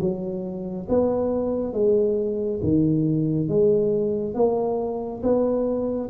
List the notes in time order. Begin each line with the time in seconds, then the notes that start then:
0.00 F#3
0.89 B3
1.73 G#3
2.63 D#3
3.48 G#3
4.34 A#3
5.23 B3